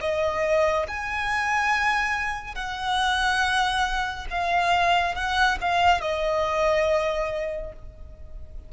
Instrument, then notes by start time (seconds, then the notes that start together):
violin
0.00 D#5
0.87 G#5
2.55 F#5
4.30 F5
5.15 F#5
5.61 F5
6.01 D#5